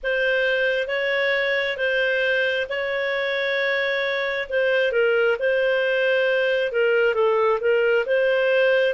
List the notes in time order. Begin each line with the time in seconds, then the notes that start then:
0.03 C5
0.87 C#5
1.77 C5
2.69 C#5
4.49 C5
4.92 A#4
5.39 C5
6.72 A#4
7.14 A4
7.60 A#4
8.06 C5